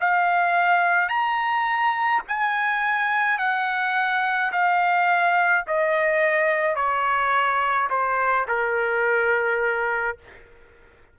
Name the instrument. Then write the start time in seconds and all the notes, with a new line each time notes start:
trumpet
0.00 F5
1.09 A#5
2.27 G#5
3.38 F#5
4.52 F5
5.67 D#5
6.76 C#5
7.90 C5
8.48 A#4